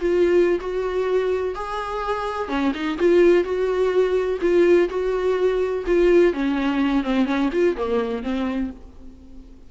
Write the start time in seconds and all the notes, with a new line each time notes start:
0.00 F4
0.61 F#4
1.55 G#4
2.49 C#4
2.75 D#4
2.99 F4
3.44 F#4
4.42 F4
4.90 F#4
5.87 F4
6.34 C#4
7.04 C4
7.26 C#4
7.53 F4
7.77 A#3
8.23 C4